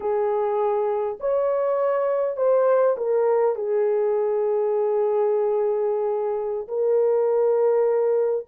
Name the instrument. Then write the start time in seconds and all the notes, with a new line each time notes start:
horn
0.00 G#4
1.20 C#5
2.37 C5
2.97 A#4
3.55 G#4
6.68 A#4